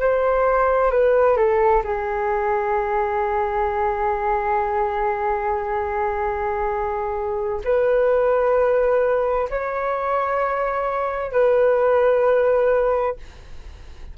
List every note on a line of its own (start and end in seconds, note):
0.00 0.91 C5
0.91 1.37 B4
1.37 1.83 A4
1.84 7.61 G#4
7.64 9.49 B4
9.50 11.32 C#5
11.32 13.16 B4